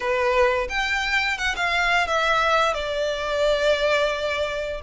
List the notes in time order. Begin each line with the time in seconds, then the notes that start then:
0.00 B4
0.69 G5
1.38 F#5
1.56 F5
2.07 E5
2.74 D5